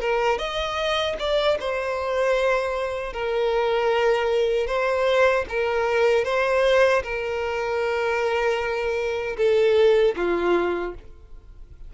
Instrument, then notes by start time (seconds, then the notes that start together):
violin
0.00 A#4
0.38 D#5
1.19 D5
1.59 C5
3.13 A#4
4.67 C5
5.49 A#4
6.24 C5
7.03 A#4
9.37 A4
10.16 F4